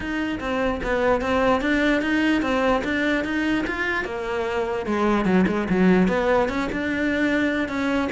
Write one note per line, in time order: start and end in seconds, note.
0.00 0.39 D#4
0.40 0.80 C4
0.83 1.21 B3
1.21 1.61 C4
1.61 2.01 D4
2.01 2.42 D#4
2.42 2.82 C4
2.84 3.24 D4
3.24 3.64 D#4
3.66 4.04 F4
4.04 4.85 A#3
4.85 5.25 G#3
5.25 5.45 F#3
5.47 5.67 G#3
5.69 6.08 F#3
6.08 6.48 B3
6.48 6.69 C#4
6.72 7.68 D4
7.68 8.09 C#4